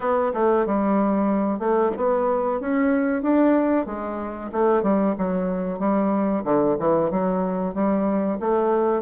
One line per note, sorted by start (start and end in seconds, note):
0.00 0.32 B3
0.33 0.65 A3
0.65 1.59 G3
1.59 1.91 A3
1.96 2.60 B3
2.60 3.22 C#4
3.22 3.86 D4
3.86 4.50 G#3
4.52 4.82 A3
4.82 5.15 G3
5.18 5.79 F#3
5.79 6.43 G3
6.44 6.76 D3
6.79 7.10 E3
7.10 7.74 F#3
7.74 8.39 G3
8.40 9.02 A3